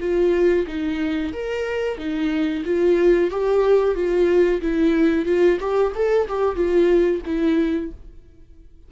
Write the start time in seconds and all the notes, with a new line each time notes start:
0.00 F4
0.67 D#4
1.32 A#4
1.98 D#4
2.65 F4
3.30 G4
3.95 F4
4.61 E4
5.25 F4
5.60 G4
5.95 A4
6.28 G4
6.55 F4
7.25 E4